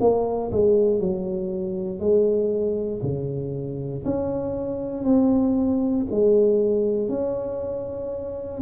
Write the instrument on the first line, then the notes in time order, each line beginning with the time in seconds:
tuba
0.00 A#3
0.52 G#3
1.00 F#3
2.00 G#3
3.03 C#3
4.05 C#4
5.04 C4
6.11 G#3
7.10 C#4